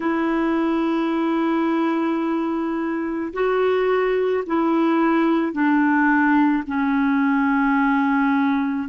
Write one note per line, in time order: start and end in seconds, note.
0.00 3.32 E4
3.33 4.44 F#4
4.46 5.52 E4
5.52 6.63 D4
6.66 8.88 C#4